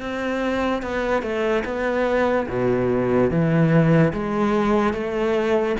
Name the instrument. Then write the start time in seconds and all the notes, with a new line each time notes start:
cello
0.00 C4
0.82 B3
1.22 A3
1.64 B3
2.48 B2
3.30 E3
4.13 G#3
4.93 A3